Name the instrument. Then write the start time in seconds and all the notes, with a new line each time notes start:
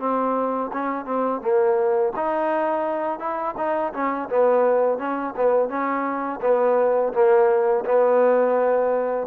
trombone
0.00 C4
0.73 C#4
1.06 C4
1.42 A#3
2.17 D#4
3.19 E4
3.58 D#4
3.94 C#4
4.30 B3
4.99 C#4
5.37 B3
5.69 C#4
6.42 B3
7.14 A#3
7.86 B3